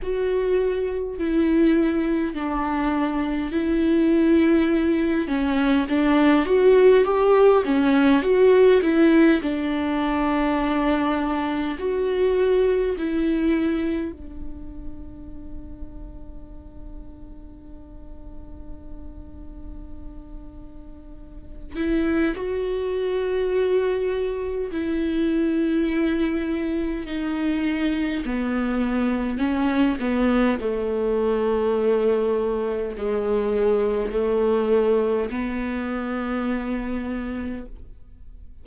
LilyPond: \new Staff \with { instrumentName = "viola" } { \time 4/4 \tempo 4 = 51 fis'4 e'4 d'4 e'4~ | e'8 cis'8 d'8 fis'8 g'8 cis'8 fis'8 e'8 | d'2 fis'4 e'4 | d'1~ |
d'2~ d'8 e'8 fis'4~ | fis'4 e'2 dis'4 | b4 cis'8 b8 a2 | gis4 a4 b2 | }